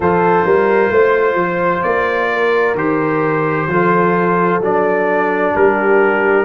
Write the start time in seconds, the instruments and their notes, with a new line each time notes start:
0.00 tuba F3, trombone F4, horn A4, trumpet C5
0.45 tuba G3, horn A#4
0.90 tuba A3, horn C5
1.34 tuba F3
1.82 tuba A#3, trumpet D5
2.30 horn A#4
2.74 tuba D#3, trombone G4, trumpet C5
3.67 tuba F3, trombone F4, horn A4
4.60 tuba F#3, trombone D4, trumpet D5
5.54 tuba G3, horn G4, trumpet A#4